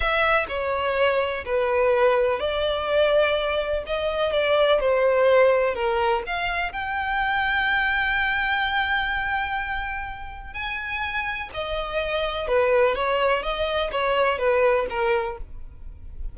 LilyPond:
\new Staff \with { instrumentName = "violin" } { \time 4/4 \tempo 4 = 125 e''4 cis''2 b'4~ | b'4 d''2. | dis''4 d''4 c''2 | ais'4 f''4 g''2~ |
g''1~ | g''2 gis''2 | dis''2 b'4 cis''4 | dis''4 cis''4 b'4 ais'4 | }